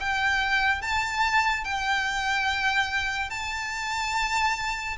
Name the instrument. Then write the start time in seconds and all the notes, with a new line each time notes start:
violin
0.00 G5
0.82 A5
1.65 G5
3.31 A5